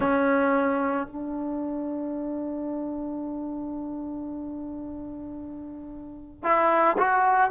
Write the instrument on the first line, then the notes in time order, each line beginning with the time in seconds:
trombone
0.00 C#4
1.07 D4
6.43 E4
6.98 F#4